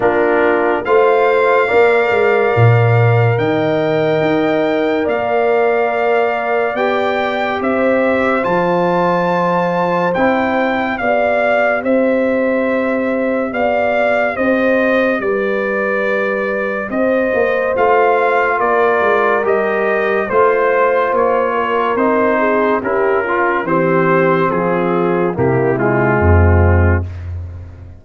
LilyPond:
<<
  \new Staff \with { instrumentName = "trumpet" } { \time 4/4 \tempo 4 = 71 ais'4 f''2. | g''2 f''2 | g''4 e''4 a''2 | g''4 f''4 e''2 |
f''4 dis''4 d''2 | dis''4 f''4 d''4 dis''4 | c''4 cis''4 c''4 ais'4 | c''4 gis'4 g'8 f'4. | }
  \new Staff \with { instrumentName = "horn" } { \time 4/4 f'4 c''4 d''2 | dis''2 d''2~ | d''4 c''2.~ | c''4 d''4 c''2 |
d''4 c''4 b'2 | c''2 ais'2 | c''4. ais'4 gis'8 g'8 f'8 | g'4 f'4 e'4 c'4 | }
  \new Staff \with { instrumentName = "trombone" } { \time 4/4 d'4 f'4 ais'2~ | ais'1 | g'2 f'2 | e'4 g'2.~ |
g'1~ | g'4 f'2 g'4 | f'2 dis'4 e'8 f'8 | c'2 ais8 gis4. | }
  \new Staff \with { instrumentName = "tuba" } { \time 4/4 ais4 a4 ais8 gis8 ais,4 | dis4 dis'4 ais2 | b4 c'4 f2 | c'4 b4 c'2 |
b4 c'4 g2 | c'8 ais8 a4 ais8 gis8 g4 | a4 ais4 c'4 cis'4 | e4 f4 c4 f,4 | }
>>